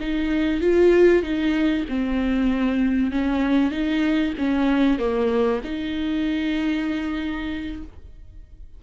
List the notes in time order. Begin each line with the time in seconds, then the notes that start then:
0.00 D#4
0.60 F4
1.22 D#4
1.89 C4
3.11 C#4
3.71 D#4
4.38 C#4
4.99 A#3
5.64 D#4